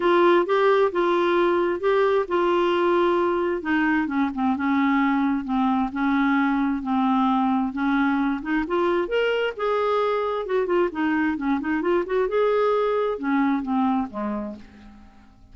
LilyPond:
\new Staff \with { instrumentName = "clarinet" } { \time 4/4 \tempo 4 = 132 f'4 g'4 f'2 | g'4 f'2. | dis'4 cis'8 c'8 cis'2 | c'4 cis'2 c'4~ |
c'4 cis'4. dis'8 f'4 | ais'4 gis'2 fis'8 f'8 | dis'4 cis'8 dis'8 f'8 fis'8 gis'4~ | gis'4 cis'4 c'4 gis4 | }